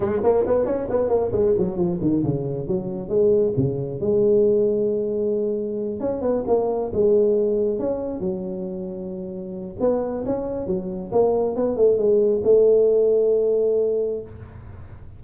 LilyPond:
\new Staff \with { instrumentName = "tuba" } { \time 4/4 \tempo 4 = 135 gis8 ais8 b8 cis'8 b8 ais8 gis8 fis8 | f8 dis8 cis4 fis4 gis4 | cis4 gis2.~ | gis4. cis'8 b8 ais4 gis8~ |
gis4. cis'4 fis4.~ | fis2 b4 cis'4 | fis4 ais4 b8 a8 gis4 | a1 | }